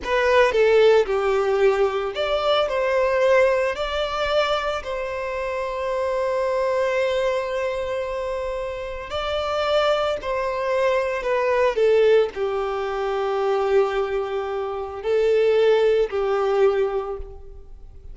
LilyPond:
\new Staff \with { instrumentName = "violin" } { \time 4/4 \tempo 4 = 112 b'4 a'4 g'2 | d''4 c''2 d''4~ | d''4 c''2.~ | c''1~ |
c''4 d''2 c''4~ | c''4 b'4 a'4 g'4~ | g'1 | a'2 g'2 | }